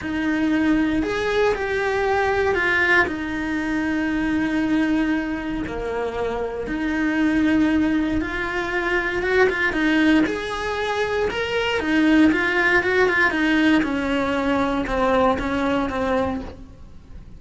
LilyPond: \new Staff \with { instrumentName = "cello" } { \time 4/4 \tempo 4 = 117 dis'2 gis'4 g'4~ | g'4 f'4 dis'2~ | dis'2. ais4~ | ais4 dis'2. |
f'2 fis'8 f'8 dis'4 | gis'2 ais'4 dis'4 | f'4 fis'8 f'8 dis'4 cis'4~ | cis'4 c'4 cis'4 c'4 | }